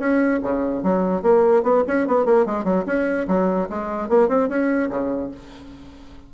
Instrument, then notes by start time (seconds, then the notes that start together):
bassoon
0.00 C#4
0.43 C#3
0.83 F#3
1.23 A#3
1.63 B3
1.88 C#4
2.08 B3
2.26 A#3
2.46 G#3
2.65 F#3
2.87 C#4
3.28 F#3
3.70 G#3
4.09 A#3
4.29 C4
4.49 C#4
4.91 C#3